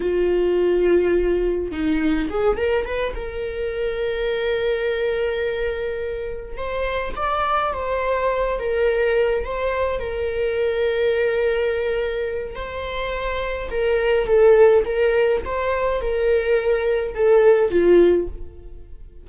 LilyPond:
\new Staff \with { instrumentName = "viola" } { \time 4/4 \tempo 4 = 105 f'2. dis'4 | gis'8 ais'8 b'8 ais'2~ ais'8~ | ais'2.~ ais'8 c''8~ | c''8 d''4 c''4. ais'4~ |
ais'8 c''4 ais'2~ ais'8~ | ais'2 c''2 | ais'4 a'4 ais'4 c''4 | ais'2 a'4 f'4 | }